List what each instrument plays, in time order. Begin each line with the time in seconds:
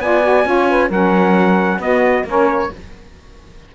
0.00 cello B3, saxophone F4 D5, trumpet G#5
0.22 saxophone F#4
0.45 cello C#4, saxophone F4 C#5
0.69 saxophone B4
0.89 cello F#3, saxophone C#4 A#4, trumpet F#5
1.79 cello B3, saxophone B3 F#4, trumpet D#5
2.25 cello A#3, saxophone C#4 A#4, trumpet C#5